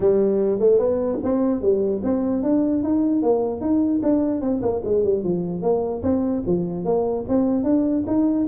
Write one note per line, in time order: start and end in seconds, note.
0.00 0.59 G3
0.59 0.79 A3
0.79 1.19 B3
1.23 1.61 C4
1.61 2.01 G3
2.03 2.43 C4
2.43 2.83 D4
2.83 3.22 D#4
3.22 3.60 A#3
3.60 4.01 D#4
4.03 4.41 D4
4.41 4.61 C4
4.61 4.82 A#3
4.84 5.04 G#3
5.04 5.23 G3
5.23 5.62 F3
5.62 6.02 A#3
6.02 6.43 C4
6.46 6.85 F3
6.85 7.25 A#3
7.28 7.63 C4
7.63 8.04 D4
8.06 8.47 D#4